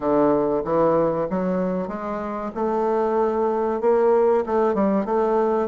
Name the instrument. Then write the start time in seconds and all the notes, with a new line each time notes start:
bassoon
0.00 D3
0.64 E3
1.29 F#3
1.88 G#3
2.54 A3
3.81 A#3
4.46 A3
4.74 G3
5.05 A3